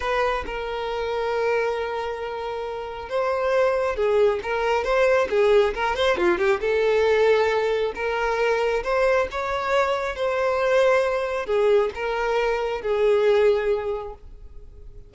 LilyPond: \new Staff \with { instrumentName = "violin" } { \time 4/4 \tempo 4 = 136 b'4 ais'2.~ | ais'2. c''4~ | c''4 gis'4 ais'4 c''4 | gis'4 ais'8 c''8 f'8 g'8 a'4~ |
a'2 ais'2 | c''4 cis''2 c''4~ | c''2 gis'4 ais'4~ | ais'4 gis'2. | }